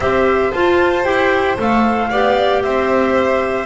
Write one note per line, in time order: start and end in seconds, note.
0.00 0.52 C4
0.00 0.53 G4
0.00 2.09 C5
0.00 0.51 E5
0.51 1.04 F4
0.51 1.04 A5
1.04 1.57 E4
1.04 1.56 G4
1.04 1.56 G5
1.58 2.11 A3
1.58 2.10 A4
1.58 2.62 F5
2.09 2.64 B3
2.09 3.66 G4
2.09 2.62 D5
2.62 3.66 C4
2.62 3.66 C5
2.62 3.66 E5